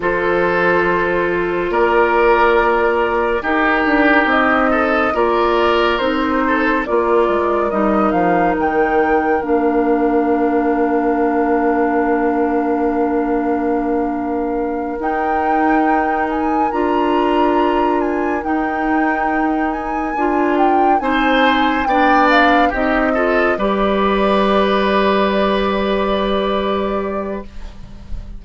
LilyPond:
<<
  \new Staff \with { instrumentName = "flute" } { \time 4/4 \tempo 4 = 70 c''2 d''2 | ais'4 dis''4 d''4 c''4 | d''4 dis''8 f''8 g''4 f''4~ | f''1~ |
f''4. g''4. gis''8 ais''8~ | ais''4 gis''8 g''4. gis''4 | g''8 gis''4 g''8 f''8 dis''4 d''8~ | d''1 | }
  \new Staff \with { instrumentName = "oboe" } { \time 4/4 a'2 ais'2 | g'4. a'8 ais'4. a'8 | ais'1~ | ais'1~ |
ais'1~ | ais'1~ | ais'8 c''4 d''4 g'8 a'8 b'8~ | b'1 | }
  \new Staff \with { instrumentName = "clarinet" } { \time 4/4 f'1 | dis'2 f'4 dis'4 | f'4 dis'2 d'4~ | d'1~ |
d'4. dis'2 f'8~ | f'4. dis'2 f'8~ | f'8 dis'4 d'4 dis'8 f'8 g'8~ | g'1 | }
  \new Staff \with { instrumentName = "bassoon" } { \time 4/4 f2 ais2 | dis'8 d'8 c'4 ais4 c'4 | ais8 gis8 g8 f8 dis4 ais4~ | ais1~ |
ais4. dis'2 d'8~ | d'4. dis'2 d'8~ | d'8 c'4 b4 c'4 g8~ | g1 | }
>>